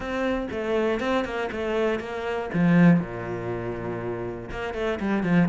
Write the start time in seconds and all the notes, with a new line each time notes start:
0.00 C4
0.51 A3
1.00 C4
1.24 A#3
1.51 A3
1.99 A#3
2.53 F3
3.00 A#2
4.50 A#3
4.74 A3
5.00 G3
5.23 F3